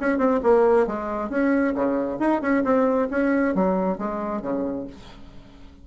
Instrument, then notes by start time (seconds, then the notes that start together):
bassoon
0.00 C#4
0.18 C4
0.43 A#3
0.87 G#3
1.30 C#4
1.75 C#3
2.19 D#4
2.41 C#4
2.64 C4
3.11 C#4
3.55 F#3
3.98 G#3
4.42 C#3